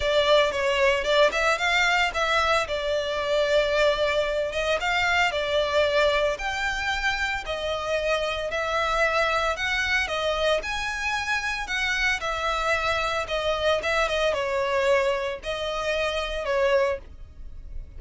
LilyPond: \new Staff \with { instrumentName = "violin" } { \time 4/4 \tempo 4 = 113 d''4 cis''4 d''8 e''8 f''4 | e''4 d''2.~ | d''8 dis''8 f''4 d''2 | g''2 dis''2 |
e''2 fis''4 dis''4 | gis''2 fis''4 e''4~ | e''4 dis''4 e''8 dis''8 cis''4~ | cis''4 dis''2 cis''4 | }